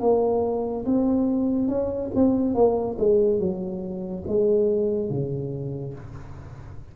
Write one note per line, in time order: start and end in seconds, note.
0.00 0.85 A#3
0.85 1.68 C4
1.68 2.10 C#4
2.15 2.54 C4
2.54 2.97 A#3
2.98 3.39 G#3
3.39 4.24 F#3
4.27 5.09 G#3
5.09 5.94 C#3